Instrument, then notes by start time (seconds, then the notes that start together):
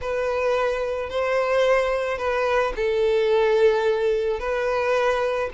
violin
0.01 B4
1.09 C5
2.18 B4
2.75 A4
4.39 B4